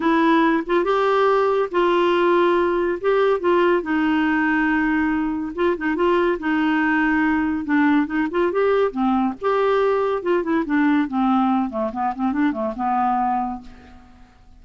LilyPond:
\new Staff \with { instrumentName = "clarinet" } { \time 4/4 \tempo 4 = 141 e'4. f'8 g'2 | f'2. g'4 | f'4 dis'2.~ | dis'4 f'8 dis'8 f'4 dis'4~ |
dis'2 d'4 dis'8 f'8 | g'4 c'4 g'2 | f'8 e'8 d'4 c'4. a8 | b8 c'8 d'8 a8 b2 | }